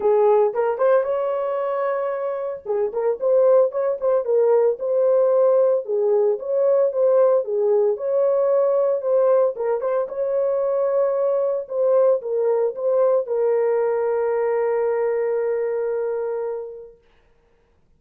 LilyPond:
\new Staff \with { instrumentName = "horn" } { \time 4/4 \tempo 4 = 113 gis'4 ais'8 c''8 cis''2~ | cis''4 gis'8 ais'8 c''4 cis''8 c''8 | ais'4 c''2 gis'4 | cis''4 c''4 gis'4 cis''4~ |
cis''4 c''4 ais'8 c''8 cis''4~ | cis''2 c''4 ais'4 | c''4 ais'2.~ | ais'1 | }